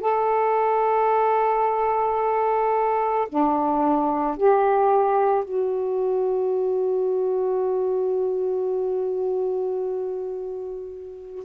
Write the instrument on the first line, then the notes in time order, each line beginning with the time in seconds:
saxophone
0.00 A4
3.28 D4
4.36 G4
5.44 F#4